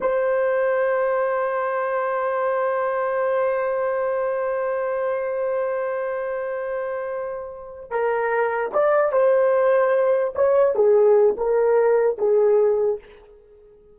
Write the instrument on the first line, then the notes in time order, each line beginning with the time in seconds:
horn
0.01 C5
7.90 A#4
8.73 D5
9.12 C5
10.35 C#5
10.75 G#4
11.37 A#4
12.18 G#4